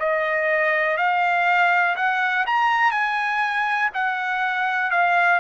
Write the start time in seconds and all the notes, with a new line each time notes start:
0.00 D#5
0.97 F5
1.96 F#5
2.46 A#5
2.92 G#5
3.94 F#5
4.91 F5